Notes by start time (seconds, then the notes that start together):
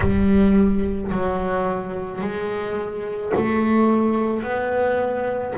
0.00 G3
1.11 F#3
2.21 G#3
3.36 A3
4.42 B3